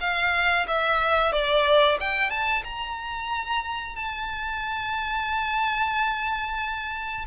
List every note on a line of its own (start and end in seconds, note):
0.00 0.66 F5
0.67 1.32 E5
1.32 1.98 D5
2.00 2.30 G5
2.30 2.63 A5
2.64 3.96 A#5
3.96 7.25 A5